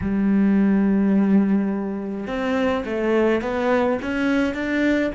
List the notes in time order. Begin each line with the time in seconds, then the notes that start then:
0.01 G3
2.27 C4
2.85 A3
3.41 B3
4.02 C#4
4.54 D4